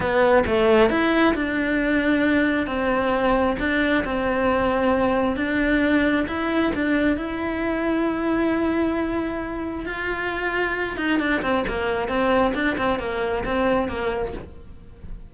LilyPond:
\new Staff \with { instrumentName = "cello" } { \time 4/4 \tempo 4 = 134 b4 a4 e'4 d'4~ | d'2 c'2 | d'4 c'2. | d'2 e'4 d'4 |
e'1~ | e'2 f'2~ | f'8 dis'8 d'8 c'8 ais4 c'4 | d'8 c'8 ais4 c'4 ais4 | }